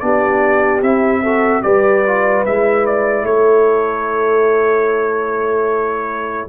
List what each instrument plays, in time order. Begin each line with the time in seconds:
0.00 tuba B3, trombone D4, horn G4, trumpet D5
0.82 tuba C4, trombone E4, trumpet E5
1.23 trombone F#4, horn A4
1.63 tuba G3, trombone G4, horn B4, trumpet D5
2.07 trombone F4
2.46 tuba G#3, trombone E4, trumpet E5
2.86 trumpet D5
3.23 tuba A3, horn A4, trumpet C#5